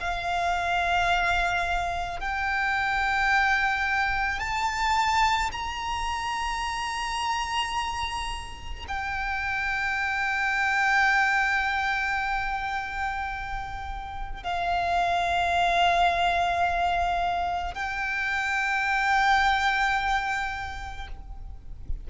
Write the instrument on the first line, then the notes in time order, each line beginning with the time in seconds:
violin
0.00 F5
2.20 G5
4.39 A5
5.53 A#5
8.88 G5
14.43 F5
17.75 G5